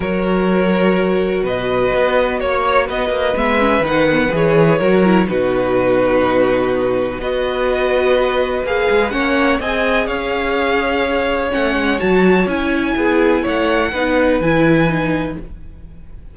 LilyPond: <<
  \new Staff \with { instrumentName = "violin" } { \time 4/4 \tempo 4 = 125 cis''2. dis''4~ | dis''4 cis''4 dis''4 e''4 | fis''4 cis''2 b'4~ | b'2. dis''4~ |
dis''2 f''4 fis''4 | gis''4 f''2. | fis''4 a''4 gis''2 | fis''2 gis''2 | }
  \new Staff \with { instrumentName = "violin" } { \time 4/4 ais'2. b'4~ | b'4 cis''4 b'2~ | b'2 ais'4 fis'4~ | fis'2. b'4~ |
b'2. cis''4 | dis''4 cis''2.~ | cis''2. gis'4 | cis''4 b'2. | }
  \new Staff \with { instrumentName = "viola" } { \time 4/4 fis'1~ | fis'2. b8 cis'8 | dis'8 b8 gis'4 fis'8 e'8 dis'4~ | dis'2. fis'4~ |
fis'2 gis'4 cis'4 | gis'1 | cis'4 fis'4 e'2~ | e'4 dis'4 e'4 dis'4 | }
  \new Staff \with { instrumentName = "cello" } { \time 4/4 fis2. b,4 | b4 ais4 b8 ais8 gis4 | dis4 e4 fis4 b,4~ | b,2. b4~ |
b2 ais8 gis8 ais4 | c'4 cis'2. | a8 gis8 fis4 cis'4 b4 | a4 b4 e2 | }
>>